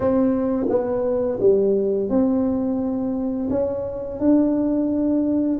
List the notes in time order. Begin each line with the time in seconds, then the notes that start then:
0.00 C4
0.68 B3
1.40 G3
2.09 C4
3.49 C#4
4.19 D4